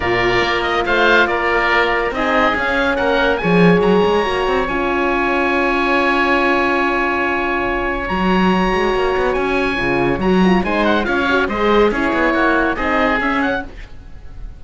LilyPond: <<
  \new Staff \with { instrumentName = "oboe" } { \time 4/4 \tempo 4 = 141 d''4. dis''8 f''4 d''4~ | d''4 dis''4 f''4 fis''4 | gis''4 ais''2 gis''4~ | gis''1~ |
gis''2. ais''4~ | ais''2 gis''2 | ais''4 gis''8 fis''8 f''4 dis''4 | cis''2 dis''4 e''8 fis''8 | }
  \new Staff \with { instrumentName = "oboe" } { \time 4/4 ais'2 c''4 ais'4~ | ais'4 gis'2 ais'4 | cis''1~ | cis''1~ |
cis''1~ | cis''1~ | cis''4 c''4 cis''4 c''4 | gis'4 fis'4 gis'2 | }
  \new Staff \with { instrumentName = "horn" } { \time 4/4 f'1~ | f'4 dis'4 cis'2 | gis'2 fis'4 f'4~ | f'1~ |
f'2. fis'4~ | fis'2. f'4 | fis'8 f'8 dis'4 f'8 fis'8 gis'4 | e'2 dis'4 cis'4 | }
  \new Staff \with { instrumentName = "cello" } { \time 4/4 ais,4 ais4 a4 ais4~ | ais4 c'4 cis'4 ais4 | f4 fis8 gis8 ais8 c'8 cis'4~ | cis'1~ |
cis'2. fis4~ | fis8 gis8 ais8 b8 cis'4 cis4 | fis4 gis4 cis'4 gis4 | cis'8 b8 ais4 c'4 cis'4 | }
>>